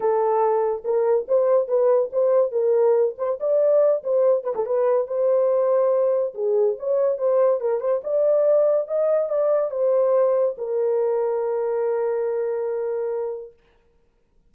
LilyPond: \new Staff \with { instrumentName = "horn" } { \time 4/4 \tempo 4 = 142 a'2 ais'4 c''4 | b'4 c''4 ais'4. c''8 | d''4. c''4 b'16 a'16 b'4 | c''2. gis'4 |
cis''4 c''4 ais'8 c''8 d''4~ | d''4 dis''4 d''4 c''4~ | c''4 ais'2.~ | ais'1 | }